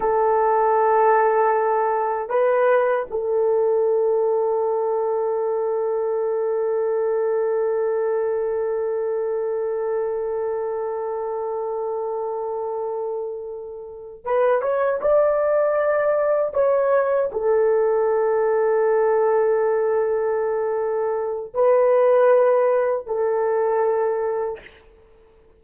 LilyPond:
\new Staff \with { instrumentName = "horn" } { \time 4/4 \tempo 4 = 78 a'2. b'4 | a'1~ | a'1~ | a'1~ |
a'2~ a'8 b'8 cis''8 d''8~ | d''4. cis''4 a'4.~ | a'1 | b'2 a'2 | }